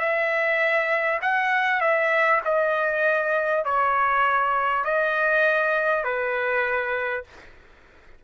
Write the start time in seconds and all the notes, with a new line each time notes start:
0.00 E5
1.22 F#5
1.81 E5
2.45 D#5
3.65 C#5
4.85 D#5
6.04 B4